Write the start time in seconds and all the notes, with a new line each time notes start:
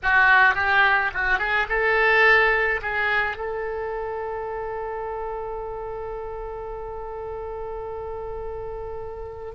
0.03 F#4
0.55 G4
1.14 F#4
1.39 G#4
1.68 A4
2.81 G#4
3.36 A4